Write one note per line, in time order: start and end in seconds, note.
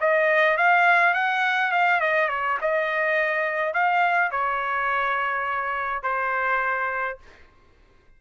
0.00 0.57 D#5
0.57 1.14 F5
1.14 1.72 F#5
1.72 2.00 F5
2.00 2.29 D#5
2.29 2.58 C#5
2.61 3.73 D#5
3.73 4.31 F5
4.31 6.02 C#5
6.02 7.18 C5